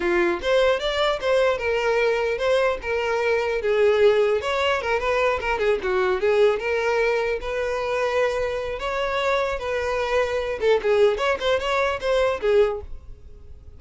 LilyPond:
\new Staff \with { instrumentName = "violin" } { \time 4/4 \tempo 4 = 150 f'4 c''4 d''4 c''4 | ais'2 c''4 ais'4~ | ais'4 gis'2 cis''4 | ais'8 b'4 ais'8 gis'8 fis'4 gis'8~ |
gis'8 ais'2 b'4.~ | b'2 cis''2 | b'2~ b'8 a'8 gis'4 | cis''8 c''8 cis''4 c''4 gis'4 | }